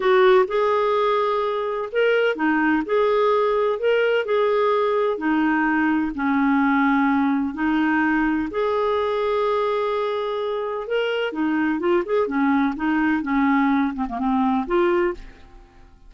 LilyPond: \new Staff \with { instrumentName = "clarinet" } { \time 4/4 \tempo 4 = 127 fis'4 gis'2. | ais'4 dis'4 gis'2 | ais'4 gis'2 dis'4~ | dis'4 cis'2. |
dis'2 gis'2~ | gis'2. ais'4 | dis'4 f'8 gis'8 cis'4 dis'4 | cis'4. c'16 ais16 c'4 f'4 | }